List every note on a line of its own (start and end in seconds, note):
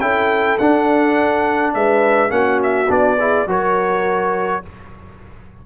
0.00 0.58 C#4
0.00 0.58 E4
0.00 1.74 A4
0.00 0.58 G5
0.58 1.74 D4
0.58 2.29 D4
0.58 1.73 F#5
1.74 2.30 G#3
1.74 2.31 B4
1.74 2.31 E5
2.29 2.87 A#3
2.29 2.86 C#4
2.29 3.18 F#4
2.29 2.60 F#5
2.62 2.91 E5
2.88 3.46 B3
2.88 3.17 D4
2.88 3.49 D5
3.18 3.47 E4
3.18 3.47 G#4
3.46 4.62 F#3
3.46 4.62 F#4
3.46 4.63 A#4
3.46 4.66 C#5